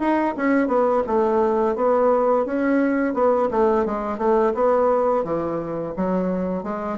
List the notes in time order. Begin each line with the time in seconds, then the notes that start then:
0.00 D#4
0.37 C#4
0.68 B3
1.07 A3
1.76 B3
2.46 C#4
3.15 B3
3.51 A3
3.86 G#3
4.18 A3
4.55 B3
5.25 E3
5.97 F#3
6.64 G#3